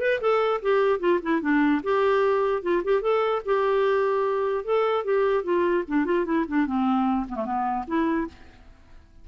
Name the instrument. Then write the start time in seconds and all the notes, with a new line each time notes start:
clarinet
0.00 B4
0.20 A4
0.62 G4
0.99 F4
1.22 E4
1.41 D4
1.83 G4
2.62 F4
2.84 G4
3.01 A4
3.45 G4
4.64 A4
5.04 G4
5.43 F4
5.87 D4
6.05 F4
6.25 E4
6.48 D4
6.66 C4
7.28 B3
7.35 A3
7.45 B3
7.87 E4